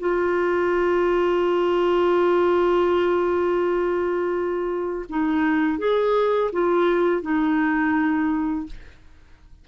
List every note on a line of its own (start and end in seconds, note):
0.00 5.06 F4
5.09 5.79 D#4
5.79 6.51 G#4
6.53 7.22 F4
7.22 8.66 D#4